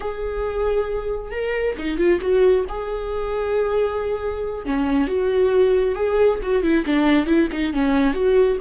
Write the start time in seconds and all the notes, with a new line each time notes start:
0.00 G#4
1.31 A#4
1.78 D#4
1.97 F4
2.21 F#4
2.68 G#4
4.65 C#4
5.07 F#4
5.95 G#4
6.42 F#4
6.62 E4
6.85 D4
7.26 E4
7.51 D#4
7.73 C#4
8.13 F#4